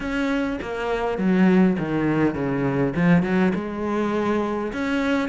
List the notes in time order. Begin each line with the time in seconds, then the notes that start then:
0.00 C#4
0.61 A#3
1.18 F#3
1.78 D#3
2.34 C#3
2.95 F3
3.22 F#3
3.55 G#3
4.72 C#4